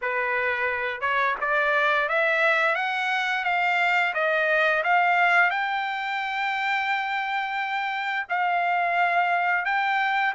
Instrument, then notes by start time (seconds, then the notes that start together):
trumpet
0.01 B4
1.01 C#5
1.40 D5
2.08 E5
2.75 F#5
3.44 F5
4.14 D#5
4.83 F5
5.50 G5
8.29 F5
9.65 G5